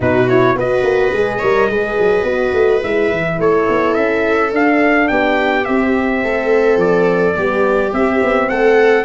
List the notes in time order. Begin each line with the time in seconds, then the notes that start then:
0.00 B2 D#4 F#4 B4
0.28 E4 C#5
0.55 B3 F#4 B4 D#5
0.83 A#3
1.12 G#3 G#4
1.39 G3 A#4 C#5
1.69 G#3 G#4 B4
1.99 F#3
2.23 B3 F#4
2.53 A3
2.82 G#3 E4 E5
3.11 E3
3.39 A3 A4 C#5
3.68 B3
3.94 C#4 E5
4.52 D4 F5
5.08 B3 G4 G5
5.64 C4 E5
6.24 A3 A4
6.76 F3 D5
7.34 G3 B3 G4
7.93 C4 E5
8.22 B3
8.49 A3 A4 F#5